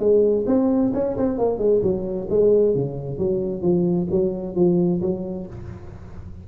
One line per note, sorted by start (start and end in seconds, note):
0.00 0.45 G#3
0.47 0.93 C4
0.94 1.17 C#4
1.17 1.39 C4
1.39 1.59 A#3
1.59 1.81 G#3
1.83 2.28 F#3
2.30 2.75 G#3
2.75 3.19 C#3
3.19 3.62 F#3
3.62 4.08 F3
4.11 4.56 F#3
4.56 5.01 F3
5.02 5.47 F#3